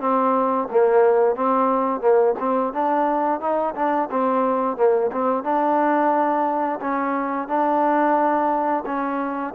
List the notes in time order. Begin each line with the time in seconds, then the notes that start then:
0.00 C4
0.71 A#3
1.36 C4
2.01 A#3
2.40 C4
2.74 D4
3.41 D#4
3.75 D4
4.11 C4
4.77 A#3
5.12 C4
5.44 D4
6.81 C#4
7.48 D4
8.86 C#4